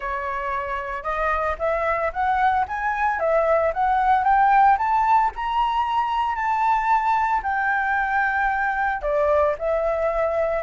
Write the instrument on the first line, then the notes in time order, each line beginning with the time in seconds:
flute
0.00 C#5
1.03 D#5
1.59 E5
2.12 F#5
2.67 G#5
3.19 E5
3.73 F#5
4.24 G5
4.78 A5
5.35 A#5
6.35 A5
7.42 G5
9.02 D5
9.58 E5